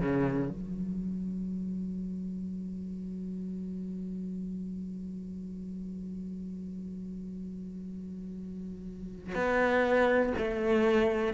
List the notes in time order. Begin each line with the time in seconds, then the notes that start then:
0.00 C#3
0.49 F#3
9.34 B3
10.38 A3